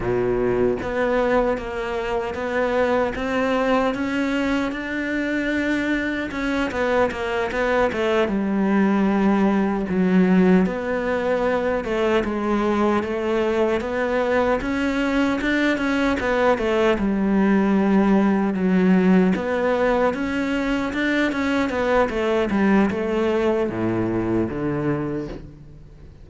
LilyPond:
\new Staff \with { instrumentName = "cello" } { \time 4/4 \tempo 4 = 76 b,4 b4 ais4 b4 | c'4 cis'4 d'2 | cis'8 b8 ais8 b8 a8 g4.~ | g8 fis4 b4. a8 gis8~ |
gis8 a4 b4 cis'4 d'8 | cis'8 b8 a8 g2 fis8~ | fis8 b4 cis'4 d'8 cis'8 b8 | a8 g8 a4 a,4 d4 | }